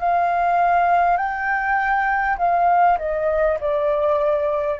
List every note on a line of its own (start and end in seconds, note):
0.00 1.17 F5
1.17 2.37 G5
2.38 2.98 F5
2.98 3.58 D#5
3.61 4.80 D5